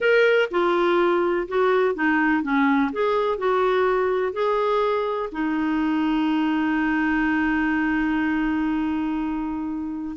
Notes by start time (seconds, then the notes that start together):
0.00 A#4
0.50 F4
1.48 F#4
1.94 D#4
2.42 C#4
2.92 G#4
3.38 F#4
4.33 G#4
5.32 D#4